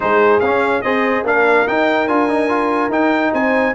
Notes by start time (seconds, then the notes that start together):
0.00 G#3 D#4 G#4 C5
0.39 C#4 F5
0.81 C4 G#4 C5 D#5
1.23 A#3 D4 A#4 F5
1.66 D#4 G5
2.07 D4 F4 G#5
2.29 D#4
2.48 F4
2.88 D#4 G5
3.32 C4 C5 G#5